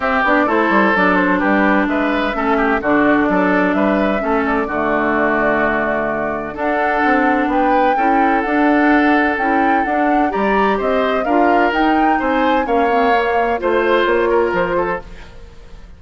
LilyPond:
<<
  \new Staff \with { instrumentName = "flute" } { \time 4/4 \tempo 4 = 128 e''8 d''8 c''4 d''8 c''8 b'4 | e''2 d''2 | e''4. d''2~ d''8~ | d''2 fis''2 |
g''2 fis''2 | g''4 fis''4 ais''4 dis''4 | f''4 g''4 gis''4 f''4~ | f''4 c''4 cis''4 c''4 | }
  \new Staff \with { instrumentName = "oboe" } { \time 4/4 g'4 a'2 g'4 | b'4 a'8 g'8 fis'4 a'4 | b'4 a'4 fis'2~ | fis'2 a'2 |
b'4 a'2.~ | a'2 d''4 c''4 | ais'2 c''4 cis''4~ | cis''4 c''4. ais'4 a'8 | }
  \new Staff \with { instrumentName = "clarinet" } { \time 4/4 c'8 d'8 e'4 d'2~ | d'4 cis'4 d'2~ | d'4 cis'4 a2~ | a2 d'2~ |
d'4 e'4 d'2 | e'4 d'4 g'2 | f'4 dis'2 cis'8 c'8 | ais4 f'2. | }
  \new Staff \with { instrumentName = "bassoon" } { \time 4/4 c'8 b8 a8 g8 fis4 g4 | gis4 a4 d4 fis4 | g4 a4 d2~ | d2 d'4 c'4 |
b4 cis'4 d'2 | cis'4 d'4 g4 c'4 | d'4 dis'4 c'4 ais4~ | ais4 a4 ais4 f4 | }
>>